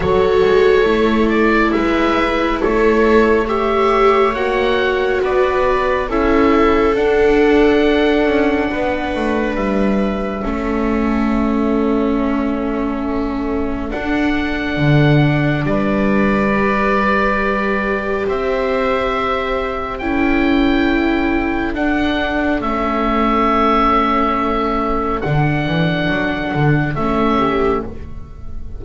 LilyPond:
<<
  \new Staff \with { instrumentName = "oboe" } { \time 4/4 \tempo 4 = 69 cis''4. d''8 e''4 cis''4 | e''4 fis''4 d''4 e''4 | fis''2. e''4~ | e''1 |
fis''2 d''2~ | d''4 e''2 g''4~ | g''4 fis''4 e''2~ | e''4 fis''2 e''4 | }
  \new Staff \with { instrumentName = "viola" } { \time 4/4 a'2 b'4 a'4 | cis''2 b'4 a'4~ | a'2 b'2 | a'1~ |
a'2 b'2~ | b'4 c''2 a'4~ | a'1~ | a'2.~ a'8 g'8 | }
  \new Staff \with { instrumentName = "viola" } { \time 4/4 fis'4 e'2. | g'4 fis'2 e'4 | d'1 | cis'1 |
d'2. g'4~ | g'2. e'4~ | e'4 d'4 cis'2~ | cis'4 d'2 cis'4 | }
  \new Staff \with { instrumentName = "double bass" } { \time 4/4 fis8 gis8 a4 gis4 a4~ | a4 ais4 b4 cis'4 | d'4. cis'8 b8 a8 g4 | a1 |
d'4 d4 g2~ | g4 c'2 cis'4~ | cis'4 d'4 a2~ | a4 d8 e8 fis8 d8 a4 | }
>>